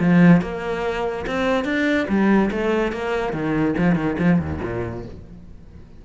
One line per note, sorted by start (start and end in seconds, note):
0.00 0.42 F3
0.42 1.26 A#3
1.27 1.65 C4
1.65 2.07 D4
2.09 2.51 G3
2.51 2.93 A3
2.93 3.33 A#3
3.33 3.75 D#3
3.78 3.96 F3
3.96 4.17 D#3
4.19 4.39 F3
4.39 4.60 D#2
4.63 5.05 A#2